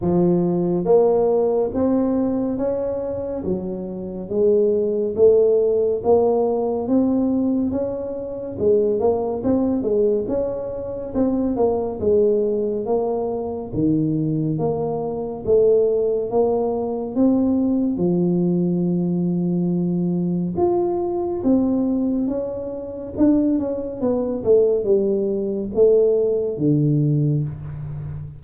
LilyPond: \new Staff \with { instrumentName = "tuba" } { \time 4/4 \tempo 4 = 70 f4 ais4 c'4 cis'4 | fis4 gis4 a4 ais4 | c'4 cis'4 gis8 ais8 c'8 gis8 | cis'4 c'8 ais8 gis4 ais4 |
dis4 ais4 a4 ais4 | c'4 f2. | f'4 c'4 cis'4 d'8 cis'8 | b8 a8 g4 a4 d4 | }